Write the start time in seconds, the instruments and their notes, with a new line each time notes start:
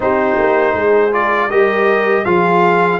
0.00 tuba C4, trombone D#4, horn G4, trumpet C5
0.38 tuba A#3
0.73 tuba G#3, horn G#4
1.11 trombone F4, trumpet D5
1.49 tuba G3, trombone G4, horn A#4, trumpet D#5
2.24 tuba F3, trombone F4, horn G#4, trumpet F5